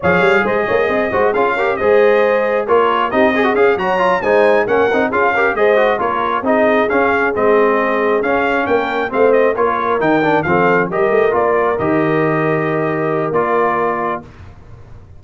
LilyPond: <<
  \new Staff \with { instrumentName = "trumpet" } { \time 4/4 \tempo 4 = 135 f''4 dis''2 f''4 | dis''2 cis''4 dis''4 | f''8 ais''4 gis''4 fis''4 f''8~ | f''8 dis''4 cis''4 dis''4 f''8~ |
f''8 dis''2 f''4 g''8~ | g''8 f''8 dis''8 cis''4 g''4 f''8~ | f''8 dis''4 d''4 dis''4.~ | dis''2 d''2 | }
  \new Staff \with { instrumentName = "horn" } { \time 4/4 cis''4 c''8 cis''8 dis''8 c''8 gis'8 ais'8 | c''2 ais'4 g'8 gis'8~ | gis'8 cis''4 c''4 ais'4 gis'8 | ais'8 c''4 ais'4 gis'4.~ |
gis'2.~ gis'8 ais'8~ | ais'8 c''4 ais'2 a'8~ | a'8 ais'2.~ ais'8~ | ais'1 | }
  \new Staff \with { instrumentName = "trombone" } { \time 4/4 gis'2~ gis'8 fis'8 f'8 g'8 | gis'2 f'4 dis'8 gis'16 fis'16 | gis'8 fis'8 f'8 dis'4 cis'8 dis'8 f'8 | g'8 gis'8 fis'8 f'4 dis'4 cis'8~ |
cis'8 c'2 cis'4.~ | cis'8 c'4 f'4 dis'8 d'8 c'8~ | c'8 g'4 f'4 g'4.~ | g'2 f'2 | }
  \new Staff \with { instrumentName = "tuba" } { \time 4/4 f8 g8 gis8 ais8 c'8 gis8 cis'4 | gis2 ais4 c'4 | cis'8 fis4 gis4 ais8 c'8 cis'8~ | cis'8 gis4 ais4 c'4 cis'8~ |
cis'8 gis2 cis'4 ais8~ | ais8 a4 ais4 dis4 f8~ | f8 g8 a8 ais4 dis4.~ | dis2 ais2 | }
>>